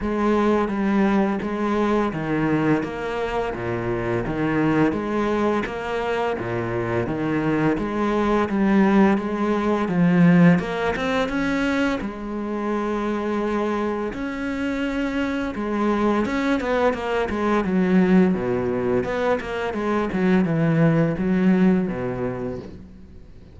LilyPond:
\new Staff \with { instrumentName = "cello" } { \time 4/4 \tempo 4 = 85 gis4 g4 gis4 dis4 | ais4 ais,4 dis4 gis4 | ais4 ais,4 dis4 gis4 | g4 gis4 f4 ais8 c'8 |
cis'4 gis2. | cis'2 gis4 cis'8 b8 | ais8 gis8 fis4 b,4 b8 ais8 | gis8 fis8 e4 fis4 b,4 | }